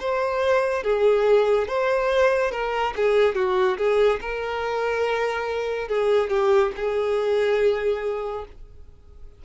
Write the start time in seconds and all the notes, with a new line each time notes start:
0.00 C5
0.84 G#4
1.68 C5
2.52 A#4
2.97 G#4
3.35 F#4
3.78 G#4
4.21 A#4
5.88 G#4
6.30 G4
6.76 G#4